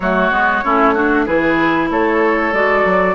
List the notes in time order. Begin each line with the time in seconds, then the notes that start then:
0.00 F#3 A3 F#4 C#5
0.30 G#3 B3
0.64 A3 C#4 E4
0.93 D4 F#4
1.25 E3 E4 G#4 B4
1.90 A3 A4 C#5
2.52 G#3 F#4 D5
2.84 F#3